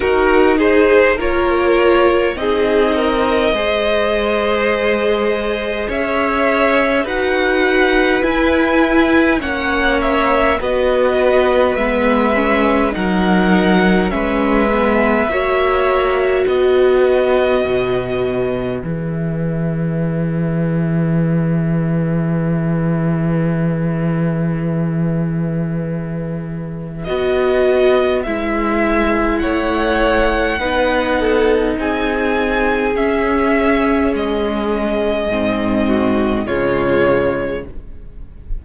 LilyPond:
<<
  \new Staff \with { instrumentName = "violin" } { \time 4/4 \tempo 4 = 51 ais'8 c''8 cis''4 dis''2~ | dis''4 e''4 fis''4 gis''4 | fis''8 e''8 dis''4 e''4 fis''4 | e''2 dis''2 |
e''1~ | e''2. dis''4 | e''4 fis''2 gis''4 | e''4 dis''2 cis''4 | }
  \new Staff \with { instrumentName = "violin" } { \time 4/4 fis'8 gis'8 ais'4 gis'8 ais'8 c''4~ | c''4 cis''4 b'2 | cis''4 b'2 ais'4 | b'4 cis''4 b'2~ |
b'1~ | b'1~ | b'4 cis''4 b'8 a'8 gis'4~ | gis'2~ gis'8 fis'8 f'4 | }
  \new Staff \with { instrumentName = "viola" } { \time 4/4 dis'4 f'4 dis'4 gis'4~ | gis'2 fis'4 e'4 | cis'4 fis'4 b8 cis'8 dis'4 | cis'8 b8 fis'2. |
gis'1~ | gis'2. fis'4 | e'2 dis'2 | cis'2 c'4 gis4 | }
  \new Staff \with { instrumentName = "cello" } { \time 4/4 dis'4 ais4 c'4 gis4~ | gis4 cis'4 dis'4 e'4 | ais4 b4 gis4 fis4 | gis4 ais4 b4 b,4 |
e1~ | e2. b4 | gis4 a4 b4 c'4 | cis'4 gis4 gis,4 cis4 | }
>>